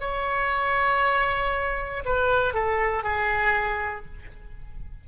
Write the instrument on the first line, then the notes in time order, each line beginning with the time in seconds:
oboe
0.00 C#5
2.05 B4
2.53 A4
3.03 G#4